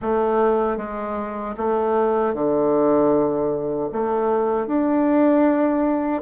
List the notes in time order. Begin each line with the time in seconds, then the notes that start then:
0.01 A3
0.77 G#3
1.57 A3
2.33 D3
3.92 A3
4.66 D4